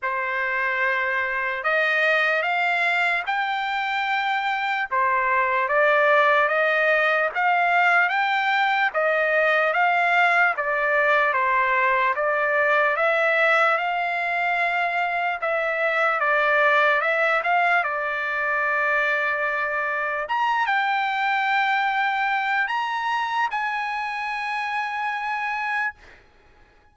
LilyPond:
\new Staff \with { instrumentName = "trumpet" } { \time 4/4 \tempo 4 = 74 c''2 dis''4 f''4 | g''2 c''4 d''4 | dis''4 f''4 g''4 dis''4 | f''4 d''4 c''4 d''4 |
e''4 f''2 e''4 | d''4 e''8 f''8 d''2~ | d''4 ais''8 g''2~ g''8 | ais''4 gis''2. | }